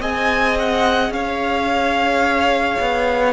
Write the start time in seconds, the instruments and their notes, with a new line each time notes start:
0.00 cello C4, viola G#4, violin D#5 G#5
0.59 violin F#5
1.10 cello C#4, violin C#5 F5
2.80 cello B3